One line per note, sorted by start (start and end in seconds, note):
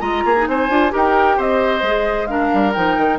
0.00 0.24 G#3
0.00 0.34 F4
0.00 0.23 D#5
0.00 0.46 A#5
0.25 0.48 A#3
0.25 0.48 G#4
0.36 0.70 D#4
0.48 0.69 C4
0.48 0.93 C5
0.48 0.93 G#5
0.69 0.92 D4
0.69 0.90 F4
0.90 1.38 D#4
0.90 1.81 G4
0.90 1.37 A#4
0.96 1.40 G5
1.37 1.82 C4
1.37 2.28 C5
1.37 2.27 D#5
1.82 2.50 G#3
1.82 2.28 G#4
2.27 2.73 D4
2.27 3.19 A#4
2.27 2.72 F5
2.54 2.76 G3
2.73 2.97 F3
2.73 3.19 D#4
2.73 3.19 G5
2.97 3.19 D#3